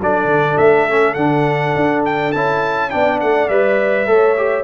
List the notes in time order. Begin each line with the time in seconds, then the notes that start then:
0.00 F#3 D4 A4 D5
0.25 D3
0.57 A3 E5
0.89 C#4
1.14 D3 D4 F#5
1.75 D4
2.05 G5
2.32 C#4 E4 A5
2.90 B3 D4 D5 G5
3.20 A3 F#5
3.48 G3 B4 E5
4.06 A3 A4 C#5
4.36 G4